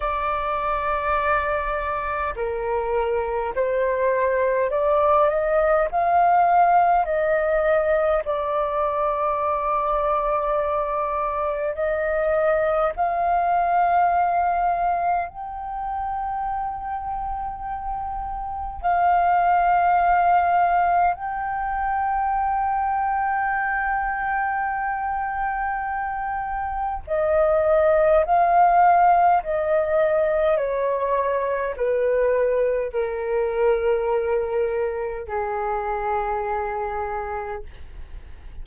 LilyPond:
\new Staff \with { instrumentName = "flute" } { \time 4/4 \tempo 4 = 51 d''2 ais'4 c''4 | d''8 dis''8 f''4 dis''4 d''4~ | d''2 dis''4 f''4~ | f''4 g''2. |
f''2 g''2~ | g''2. dis''4 | f''4 dis''4 cis''4 b'4 | ais'2 gis'2 | }